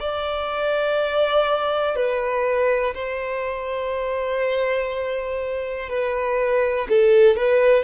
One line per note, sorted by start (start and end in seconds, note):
0.00 1.95 D5
1.95 2.94 B4
2.94 5.89 C5
5.89 6.88 B4
6.89 7.36 A4
7.36 7.83 B4